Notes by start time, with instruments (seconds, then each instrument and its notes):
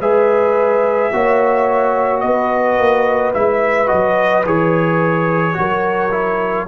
0.00 tuba G#3, trombone G#4, horn B4, trumpet E5
1.13 tuba A#3, trombone F#4, horn C#5
2.21 tuba B3, horn B4, trumpet D#5
2.78 tuba A#3
3.34 tuba G#3, trombone E4, trumpet E5
3.87 tuba F#3, trombone F#4, trumpet D#5
4.45 tuba E3, trombone G#4, trumpet C#5
5.54 tuba F#3, trombone F#4
5.60 horn A#4
6.12 trombone E4